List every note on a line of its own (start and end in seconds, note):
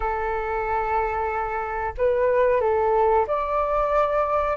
0.00 1.93 A4
1.97 2.60 B4
2.60 3.25 A4
3.27 4.57 D5